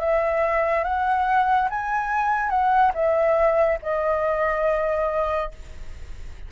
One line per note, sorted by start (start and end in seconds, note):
0.00 0.84 E5
0.84 1.69 F#5
1.70 2.50 G#5
2.50 2.92 F#5
2.94 3.79 E5
3.83 5.52 D#5